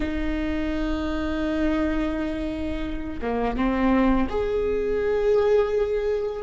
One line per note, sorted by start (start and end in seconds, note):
0.00 3.19 D#4
3.21 3.56 A#3
3.56 4.27 C4
4.29 6.42 G#4